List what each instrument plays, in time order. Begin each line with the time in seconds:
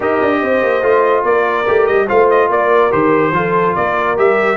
0.00 tuba D#4, trombone G4, horn A#4, trumpet D#5
0.21 tuba D4
0.42 tuba C4, horn C5
0.62 tuba A#3
0.82 tuba A3, trombone F4
1.23 tuba A#3, horn A#4, trumpet D5
1.67 tuba A3, trombone G4
1.86 tuba G3, trumpet D#5
2.07 tuba A3, trombone F4, horn C5, trumpet F5
2.30 trumpet D#5
2.49 tuba A#3, horn A#4, trumpet D5
2.90 tuba D#3, trombone G4, trumpet C5
3.32 tuba F3, trombone F4, horn A4
3.75 tuba A#3, horn A#4, trumpet D5
4.16 tuba G3, trombone G4, trumpet E5